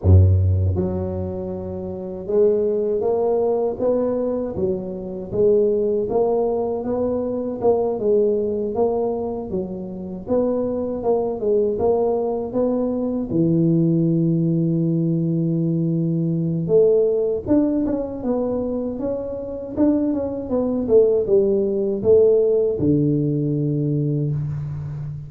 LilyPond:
\new Staff \with { instrumentName = "tuba" } { \time 4/4 \tempo 4 = 79 fis,4 fis2 gis4 | ais4 b4 fis4 gis4 | ais4 b4 ais8 gis4 ais8~ | ais8 fis4 b4 ais8 gis8 ais8~ |
ais8 b4 e2~ e8~ | e2 a4 d'8 cis'8 | b4 cis'4 d'8 cis'8 b8 a8 | g4 a4 d2 | }